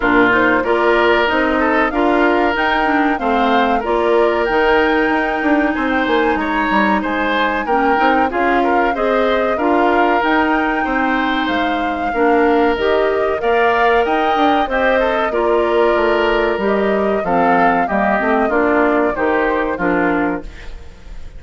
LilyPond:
<<
  \new Staff \with { instrumentName = "flute" } { \time 4/4 \tempo 4 = 94 ais'8 c''8 d''4 dis''4 f''4 | g''4 f''4 d''4 g''4~ | g''4 gis''16 g''16 gis''8 ais''4 gis''4 | g''4 f''4 dis''4 f''4 |
g''2 f''2 | dis''4 f''4 g''4 dis''4 | d''2 dis''4 f''4 | dis''4 d''4 c''4 ais'4 | }
  \new Staff \with { instrumentName = "oboe" } { \time 4/4 f'4 ais'4. a'8 ais'4~ | ais'4 c''4 ais'2~ | ais'4 c''4 cis''4 c''4 | ais'4 gis'8 ais'8 c''4 ais'4~ |
ais'4 c''2 ais'4~ | ais'4 d''4 dis''4 g'8 a'8 | ais'2. a'4 | g'4 f'4 g'4 f'4 | }
  \new Staff \with { instrumentName = "clarinet" } { \time 4/4 d'8 dis'8 f'4 dis'4 f'4 | dis'8 d'8 c'4 f'4 dis'4~ | dis'1 | cis'8 dis'8 f'4 gis'4 f'4 |
dis'2. d'4 | g'4 ais'2 c''4 | f'2 g'4 c'4 | ais8 c'8 d'4 dis'4 d'4 | }
  \new Staff \with { instrumentName = "bassoon" } { \time 4/4 ais,4 ais4 c'4 d'4 | dis'4 a4 ais4 dis4 | dis'8 d'8 c'8 ais8 gis8 g8 gis4 | ais8 c'8 cis'4 c'4 d'4 |
dis'4 c'4 gis4 ais4 | dis4 ais4 dis'8 d'8 c'4 | ais4 a4 g4 f4 | g8 a8 ais4 dis4 f4 | }
>>